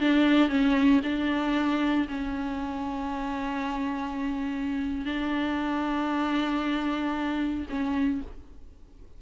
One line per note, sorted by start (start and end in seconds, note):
0.00 0.49 D4
0.49 1.01 C#4
1.04 2.08 D4
2.08 5.06 C#4
5.06 7.66 D4
7.70 8.22 C#4